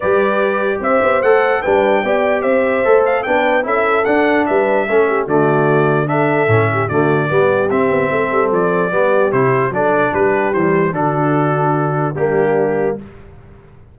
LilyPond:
<<
  \new Staff \with { instrumentName = "trumpet" } { \time 4/4 \tempo 4 = 148 d''2 e''4 fis''4 | g''2 e''4. f''8 | g''4 e''4 fis''4 e''4~ | e''4 d''2 e''4~ |
e''4 d''2 e''4~ | e''4 d''2 c''4 | d''4 b'4 c''4 a'4~ | a'2 g'2 | }
  \new Staff \with { instrumentName = "horn" } { \time 4/4 b'2 c''2 | b'4 d''4 c''2 | b'4 a'2 b'4 | a'8 g'8 fis'2 a'4~ |
a'8 g'8 fis'4 g'2 | a'2 g'2 | a'4 g'2 fis'4~ | fis'2 d'2 | }
  \new Staff \with { instrumentName = "trombone" } { \time 4/4 g'2. a'4 | d'4 g'2 a'4 | d'4 e'4 d'2 | cis'4 a2 d'4 |
cis'4 a4 b4 c'4~ | c'2 b4 e'4 | d'2 g4 d'4~ | d'2 ais2 | }
  \new Staff \with { instrumentName = "tuba" } { \time 4/4 g2 c'8 b8 a4 | g4 b4 c'4 a4 | b4 cis'4 d'4 g4 | a4 d2. |
a,4 d4 g4 c'8 b8 | a8 g8 f4 g4 c4 | fis4 g4 e4 d4~ | d2 g2 | }
>>